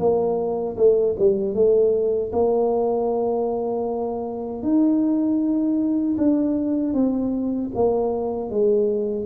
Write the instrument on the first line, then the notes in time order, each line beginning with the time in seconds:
tuba
0.00 A#3
0.77 A3
1.19 G3
1.55 A3
2.33 A#3
4.63 D#4
6.18 D4
6.94 C4
7.75 A#3
8.50 G#3